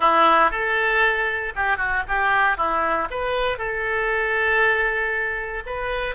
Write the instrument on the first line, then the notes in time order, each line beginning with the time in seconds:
oboe
0.00 E4
0.50 A4
1.55 G4
1.77 F#4
2.07 G4
2.57 E4
3.10 B4
3.58 A4
5.66 B4